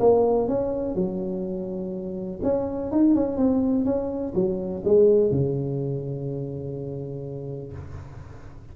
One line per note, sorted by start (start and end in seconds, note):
0.00 0.48 A#3
0.48 0.95 C#4
0.95 2.40 F#3
2.43 2.92 C#4
2.92 3.15 D#4
3.15 3.37 C#4
3.37 3.85 C4
3.85 4.34 C#4
4.35 4.83 F#3
4.85 5.31 G#3
5.31 7.73 C#3